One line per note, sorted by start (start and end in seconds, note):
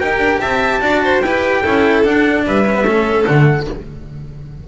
0.00 0.18 D#4
0.00 0.81 G4
0.00 0.41 A#4
0.00 0.41 G5
0.18 0.39 D4
0.41 0.81 C4
0.41 0.81 E5
0.41 1.22 A5
0.81 1.22 D4
0.81 1.22 F#4
0.81 1.02 D5
1.04 1.24 C5
1.22 1.63 E4
1.22 1.64 G4
1.22 1.63 B4
1.22 2.03 G5
1.63 2.05 C#4
1.63 2.04 E4
1.63 2.44 A4
2.04 2.65 D4
2.04 2.46 D4
2.04 2.45 F#5
2.46 2.84 G3
2.46 2.86 B4
2.46 3.25 E5
2.67 2.75 C#4
2.75 2.85 B3
2.84 3.25 A3
2.84 3.26 C#4
2.84 3.67 A4
3.25 3.68 D3
3.25 3.66 A3
3.25 3.66 F#5